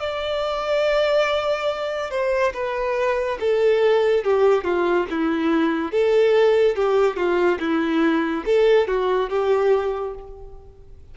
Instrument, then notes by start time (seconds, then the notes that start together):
violin
0.00 D5
2.10 C5
2.54 B4
3.40 A4
4.24 G4
4.64 F4
5.10 E4
5.92 A4
6.75 G4
7.16 F4
7.59 E4
8.45 A4
8.87 F#4
9.30 G4